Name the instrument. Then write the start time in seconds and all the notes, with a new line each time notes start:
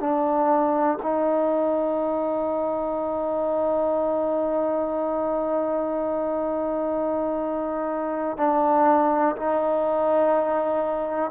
trombone
0.00 D4
1.02 D#4
8.37 D4
9.36 D#4